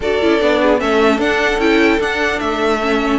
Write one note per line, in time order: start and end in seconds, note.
0.00 0.19 D4
0.00 0.21 F#4
0.00 0.60 A4
0.00 0.79 D5
0.21 0.41 C#4
0.21 0.39 E4
0.39 0.81 B3
0.39 0.78 D4
0.61 0.80 G#4
0.78 1.18 A3
0.78 1.18 C#4
0.78 3.19 A4
0.78 1.19 E5
1.18 1.58 D4
1.18 1.59 D4
1.18 1.60 F#5
1.58 1.98 C#4
1.58 1.99 E4
1.58 2.00 G5
1.99 2.79 D4
1.99 2.39 D4
1.99 2.39 F#5
2.39 3.19 A3
2.39 3.19 E5
2.81 3.19 C#4